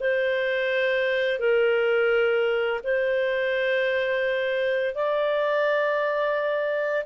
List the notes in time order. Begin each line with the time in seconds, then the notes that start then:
0.00 C5
1.39 A#4
2.83 C5
4.95 D5